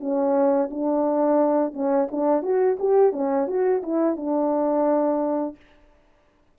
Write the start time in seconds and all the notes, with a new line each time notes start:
0.00 C#4
0.71 D4
1.73 C#4
2.12 D4
2.43 F#4
2.79 G4
3.13 C#4
3.47 F#4
3.83 E4
4.17 D4